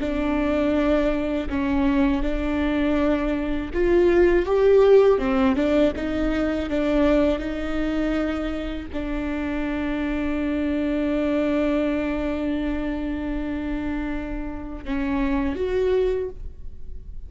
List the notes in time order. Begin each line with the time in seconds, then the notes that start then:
0.00 D4
1.49 C#4
2.23 D4
3.73 F4
4.45 G4
5.18 C4
5.56 D4
5.96 D#4
6.69 D4
7.39 D#4
8.93 D4
14.85 C#4
15.55 F#4